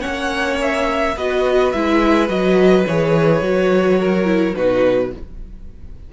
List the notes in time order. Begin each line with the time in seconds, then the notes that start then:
0.00 C#4 C#5 F#5
0.06 A#3
0.62 E5
1.16 B3 F#4 B4 D#5
1.71 G#3 E4 E5
2.28 F#3 F#4 D#5
2.86 E3 G#4 C#5
3.41 F#3 F#4
4.00 A#4
4.25 E4
4.55 B2 D#4 F#4 B4